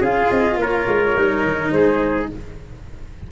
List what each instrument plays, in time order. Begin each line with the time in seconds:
0.00 tuba C#4, cello F4, trumpet G#4, flute F5
0.30 tuba C4, flute D#5
0.56 tuba A#3, trumpet A#4, flute C#5
0.87 tuba G#3
1.16 tuba G3, cello D#4
1.44 tuba D#3
1.70 tuba G#3, trumpet G#4, flute C5